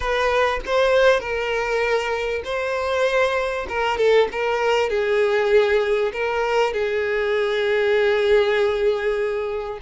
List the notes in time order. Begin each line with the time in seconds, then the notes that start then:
0.00 B4
0.66 C5
1.19 A#4
2.44 C5
3.68 A#4
3.97 A4
4.32 A#4
4.89 G#4
6.12 A#4
6.73 G#4